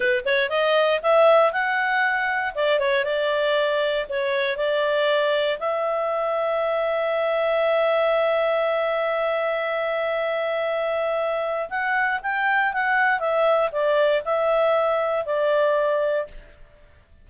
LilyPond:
\new Staff \with { instrumentName = "clarinet" } { \time 4/4 \tempo 4 = 118 b'8 cis''8 dis''4 e''4 fis''4~ | fis''4 d''8 cis''8 d''2 | cis''4 d''2 e''4~ | e''1~ |
e''1~ | e''2. fis''4 | g''4 fis''4 e''4 d''4 | e''2 d''2 | }